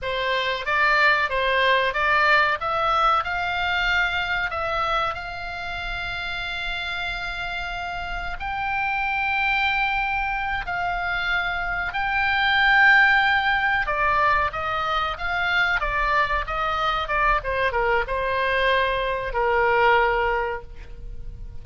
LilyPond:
\new Staff \with { instrumentName = "oboe" } { \time 4/4 \tempo 4 = 93 c''4 d''4 c''4 d''4 | e''4 f''2 e''4 | f''1~ | f''4 g''2.~ |
g''8 f''2 g''4.~ | g''4. d''4 dis''4 f''8~ | f''8 d''4 dis''4 d''8 c''8 ais'8 | c''2 ais'2 | }